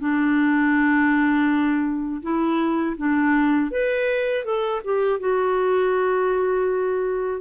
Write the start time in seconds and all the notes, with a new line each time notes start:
0.00 D4
2.23 E4
2.97 D4
3.72 B4
4.45 A4
4.85 G4
5.21 F#4